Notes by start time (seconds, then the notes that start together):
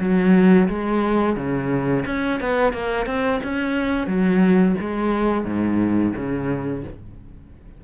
0.00 F#3
0.69 G#3
1.36 C#3
2.06 C#4
2.40 B3
2.73 A#3
3.06 C4
3.44 C#4
4.07 F#3
4.81 G#3
5.45 G#2
6.16 C#3